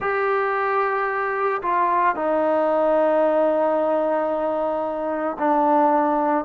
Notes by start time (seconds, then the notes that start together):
0.00 G4
1.62 F4
2.15 D#4
5.39 D4